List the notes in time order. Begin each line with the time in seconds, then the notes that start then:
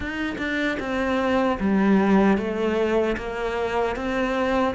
0.00 D#4
0.38 D4
0.79 C4
1.60 G3
2.37 A3
3.17 A#3
3.95 C4